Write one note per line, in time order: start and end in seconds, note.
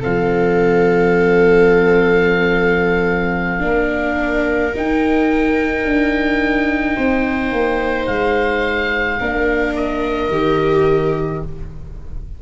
0.00 3.61 F3
0.00 3.60 C4
0.00 3.61 A4
0.00 4.75 F5
3.60 4.72 A#3
3.60 4.71 D4
3.60 6.96 A#4
4.75 9.19 D#4
4.75 5.85 D#4
4.75 8.07 G5
5.85 6.96 D4
6.96 7.52 C4
6.96 9.18 C5
7.52 8.07 A#3
8.07 9.19 G#3
8.07 9.73 F5
9.20 10.29 A#3
9.20 10.31 D4
9.20 11.42 A#4
9.76 11.42 D#5
10.29 11.40 D#3
10.29 11.42 G4